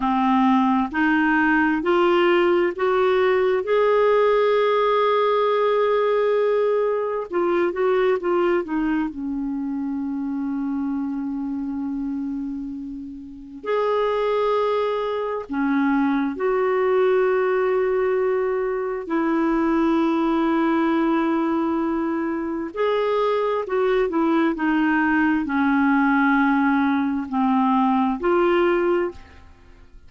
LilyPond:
\new Staff \with { instrumentName = "clarinet" } { \time 4/4 \tempo 4 = 66 c'4 dis'4 f'4 fis'4 | gis'1 | f'8 fis'8 f'8 dis'8 cis'2~ | cis'2. gis'4~ |
gis'4 cis'4 fis'2~ | fis'4 e'2.~ | e'4 gis'4 fis'8 e'8 dis'4 | cis'2 c'4 f'4 | }